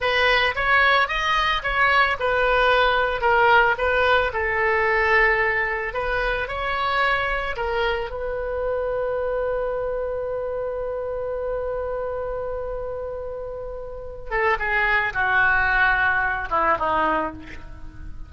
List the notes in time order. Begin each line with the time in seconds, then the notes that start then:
0.00 B4
0.55 C#5
1.08 D#5
1.62 C#5
2.19 B4
3.21 A#4
3.78 B4
4.33 A4
5.93 B4
6.48 C#5
7.56 A#4
8.10 B4
14.30 A4
14.59 G#4
15.14 F#4
16.50 E4
16.78 D#4